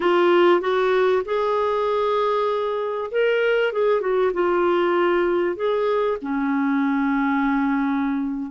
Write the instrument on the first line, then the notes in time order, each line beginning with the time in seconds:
clarinet
0.00 F4
0.60 F#4
1.25 G#4
3.11 A#4
3.72 G#4
4.00 F#4
4.33 F4
5.55 G#4
6.21 C#4